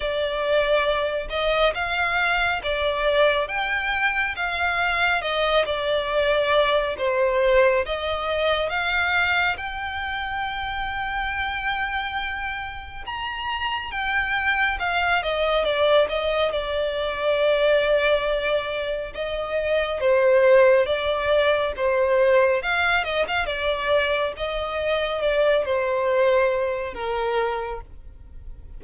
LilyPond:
\new Staff \with { instrumentName = "violin" } { \time 4/4 \tempo 4 = 69 d''4. dis''8 f''4 d''4 | g''4 f''4 dis''8 d''4. | c''4 dis''4 f''4 g''4~ | g''2. ais''4 |
g''4 f''8 dis''8 d''8 dis''8 d''4~ | d''2 dis''4 c''4 | d''4 c''4 f''8 dis''16 f''16 d''4 | dis''4 d''8 c''4. ais'4 | }